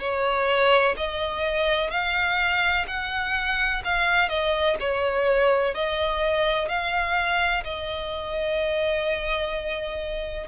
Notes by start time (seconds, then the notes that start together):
0.00 C#5
0.97 D#5
1.90 F5
2.87 F#5
3.84 F5
4.29 D#5
4.80 C#5
5.74 D#5
6.68 F5
7.64 D#5